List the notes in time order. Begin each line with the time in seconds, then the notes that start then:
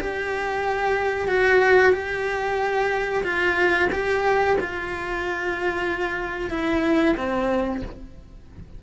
0.00 G4
1.28 F#4
1.93 G4
3.23 F4
3.92 G4
4.60 F4
6.50 E4
7.17 C4